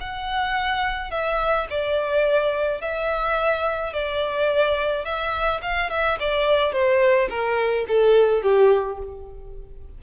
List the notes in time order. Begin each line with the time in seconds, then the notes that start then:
0.00 F#5
1.11 E5
1.70 D5
2.81 E5
3.93 D5
5.05 E5
5.62 F5
5.90 E5
6.19 D5
6.72 C5
7.29 A#4
7.88 A4
8.42 G4